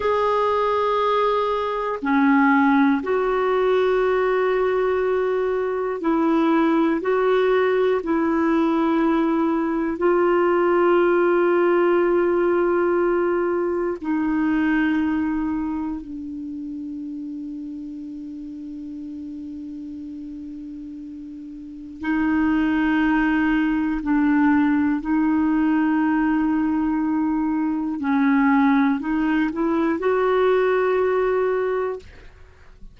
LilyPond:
\new Staff \with { instrumentName = "clarinet" } { \time 4/4 \tempo 4 = 60 gis'2 cis'4 fis'4~ | fis'2 e'4 fis'4 | e'2 f'2~ | f'2 dis'2 |
d'1~ | d'2 dis'2 | d'4 dis'2. | cis'4 dis'8 e'8 fis'2 | }